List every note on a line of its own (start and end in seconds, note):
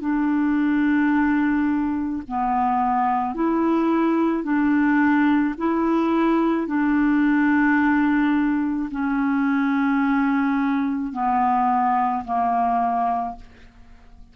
0.00 2.22 D4
2.28 3.34 B3
3.34 4.43 E4
4.43 5.55 D4
5.58 6.67 E4
6.67 8.89 D4
8.91 11.13 C#4
11.13 12.24 B3
12.24 13.35 A#3